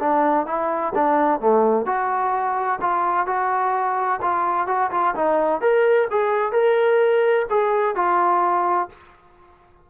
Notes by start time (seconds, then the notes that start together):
0.00 D4
0.47 E4
0.95 D4
1.41 A3
1.86 F#4
2.81 F4
3.27 F#4
4.22 F4
4.67 F#4
4.92 F4
5.15 D#4
5.61 A#4
6.11 G#4
6.52 A#4
7.50 G#4
7.96 F4